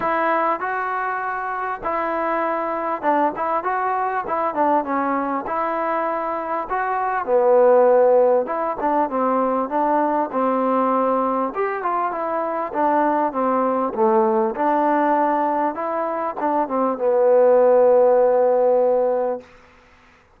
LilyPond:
\new Staff \with { instrumentName = "trombone" } { \time 4/4 \tempo 4 = 99 e'4 fis'2 e'4~ | e'4 d'8 e'8 fis'4 e'8 d'8 | cis'4 e'2 fis'4 | b2 e'8 d'8 c'4 |
d'4 c'2 g'8 f'8 | e'4 d'4 c'4 a4 | d'2 e'4 d'8 c'8 | b1 | }